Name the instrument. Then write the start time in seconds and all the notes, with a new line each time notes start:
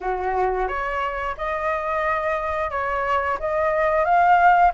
flute
0.00 F#4
0.67 C#5
1.37 D#5
2.70 C#5
3.39 D#5
4.04 F5